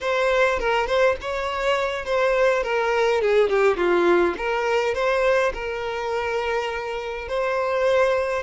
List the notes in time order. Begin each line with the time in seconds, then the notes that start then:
0.01 C5
0.59 A#4
0.86 C5
1.21 C#5
2.05 C5
2.63 A#4
3.21 G#4
3.49 G4
3.76 F4
4.37 A#4
4.94 C5
5.53 A#4
7.28 C5